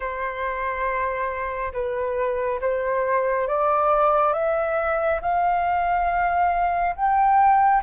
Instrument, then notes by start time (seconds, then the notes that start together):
flute
0.00 C5
1.72 B4
2.60 C5
3.47 D5
4.33 E5
5.21 F5
6.95 G5